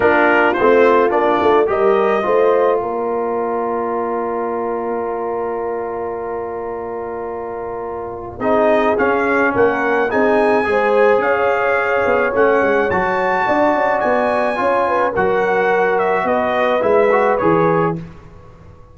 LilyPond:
<<
  \new Staff \with { instrumentName = "trumpet" } { \time 4/4 \tempo 4 = 107 ais'4 c''4 d''4 dis''4~ | dis''4 d''2.~ | d''1~ | d''2. dis''4 |
f''4 fis''4 gis''2 | f''2 fis''4 a''4~ | a''4 gis''2 fis''4~ | fis''8 e''8 dis''4 e''4 cis''4 | }
  \new Staff \with { instrumentName = "horn" } { \time 4/4 f'2. ais'4 | c''4 ais'2.~ | ais'1~ | ais'2. gis'4~ |
gis'4 ais'4 gis'4 c''4 | cis''1 | d''2 cis''8 b'8 ais'4~ | ais'4 b'2. | }
  \new Staff \with { instrumentName = "trombone" } { \time 4/4 d'4 c'4 d'4 g'4 | f'1~ | f'1~ | f'2. dis'4 |
cis'2 dis'4 gis'4~ | gis'2 cis'4 fis'4~ | fis'2 f'4 fis'4~ | fis'2 e'8 fis'8 gis'4 | }
  \new Staff \with { instrumentName = "tuba" } { \time 4/4 ais4 a4 ais8 a8 g4 | a4 ais2.~ | ais1~ | ais2. c'4 |
cis'4 ais4 c'4 gis4 | cis'4. b8 a8 gis8 fis4 | d'8 cis'8 b4 cis'4 fis4~ | fis4 b4 gis4 e4 | }
>>